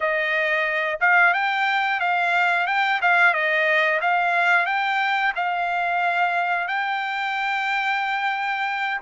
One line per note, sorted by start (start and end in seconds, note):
0.00 0.99 D#5
1.00 1.33 F5
1.33 2.00 G5
2.00 2.66 F5
2.67 3.00 G5
3.01 3.33 F5
3.33 4.00 D#5
4.01 4.65 F5
4.65 5.32 G5
5.35 6.67 F5
6.67 9.01 G5